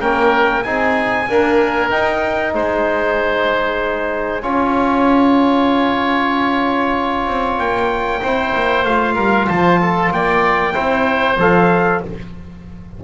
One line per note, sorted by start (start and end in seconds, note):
0.00 0.65 A#3
0.00 0.63 C#4
0.00 0.64 A#4
0.00 0.63 G5
0.63 1.29 C4
0.63 1.27 D#4
0.63 1.29 G#4
0.63 1.90 G#5
1.27 1.90 A#3
1.27 1.92 D4
1.27 2.55 A#4
1.90 4.43 D#4
1.90 2.54 D#4
1.90 2.54 G5
2.54 4.43 G#3
2.54 4.43 C5
2.54 7.59 G#5
4.43 7.27 C#4
4.43 8.22 F4
4.43 8.22 C#5
7.27 7.58 C4
7.58 8.22 A#3
7.58 8.85 G5
8.22 8.55 C4
8.22 8.87 E4
8.22 9.15 C5
8.55 8.85 A#3
8.85 9.16 A3
8.85 10.73 F4
8.85 9.48 F5
9.15 9.48 G3
9.15 9.46 A#4
9.49 10.12 F3
9.49 9.80 C5
9.49 10.12 A5
9.82 10.13 A4
10.12 10.75 A#3
10.12 10.74 D5
10.12 11.40 G5
10.73 11.38 C4
10.73 11.36 E4
10.73 12.00 C5
11.38 12.01 F3
11.38 12.03 A4
11.38 12.04 F5